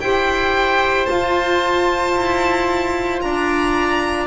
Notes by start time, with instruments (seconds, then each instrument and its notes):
0.00 double bass E4, saxophone G4, oboe C5, violin G5
1.05 saxophone F4, double bass F4, violin A5
2.15 double bass E4
3.21 double bass D4, oboe D5, violin A#5